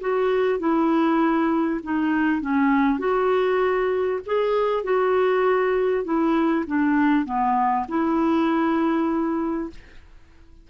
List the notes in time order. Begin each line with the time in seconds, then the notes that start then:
0.00 F#4
0.59 E4
1.83 D#4
2.40 C#4
2.98 F#4
4.26 G#4
4.83 F#4
6.04 E4
6.66 D4
7.25 B3
7.88 E4